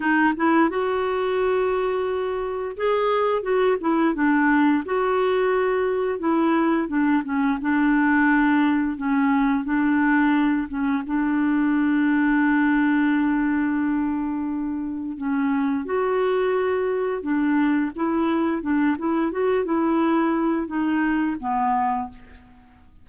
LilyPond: \new Staff \with { instrumentName = "clarinet" } { \time 4/4 \tempo 4 = 87 dis'8 e'8 fis'2. | gis'4 fis'8 e'8 d'4 fis'4~ | fis'4 e'4 d'8 cis'8 d'4~ | d'4 cis'4 d'4. cis'8 |
d'1~ | d'2 cis'4 fis'4~ | fis'4 d'4 e'4 d'8 e'8 | fis'8 e'4. dis'4 b4 | }